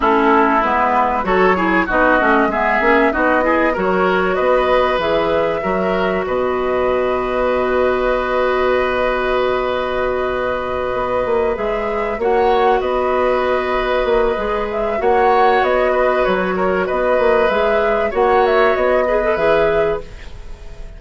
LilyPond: <<
  \new Staff \with { instrumentName = "flute" } { \time 4/4 \tempo 4 = 96 a'4 b'4 cis''4 dis''4 | e''4 dis''4 cis''4 dis''4 | e''2 dis''2~ | dis''1~ |
dis''2~ dis''8 e''4 fis''8~ | fis''8 dis''2. e''8 | fis''4 dis''4 cis''4 dis''4 | e''4 fis''8 e''8 dis''4 e''4 | }
  \new Staff \with { instrumentName = "oboe" } { \time 4/4 e'2 a'8 gis'8 fis'4 | gis'4 fis'8 gis'8 ais'4 b'4~ | b'4 ais'4 b'2~ | b'1~ |
b'2.~ b'8 cis''8~ | cis''8 b'2.~ b'8 | cis''4. b'4 ais'8 b'4~ | b'4 cis''4. b'4. | }
  \new Staff \with { instrumentName = "clarinet" } { \time 4/4 cis'4 b4 fis'8 e'8 dis'8 cis'8 | b8 cis'8 dis'8 e'8 fis'2 | gis'4 fis'2.~ | fis'1~ |
fis'2~ fis'8 gis'4 fis'8~ | fis'2. gis'4 | fis'1 | gis'4 fis'4. gis'16 a'16 gis'4 | }
  \new Staff \with { instrumentName = "bassoon" } { \time 4/4 a4 gis4 fis4 b8 a8 | gis8 ais8 b4 fis4 b4 | e4 fis4 b,2~ | b,1~ |
b,4. b8 ais8 gis4 ais8~ | ais8 b2 ais8 gis4 | ais4 b4 fis4 b8 ais8 | gis4 ais4 b4 e4 | }
>>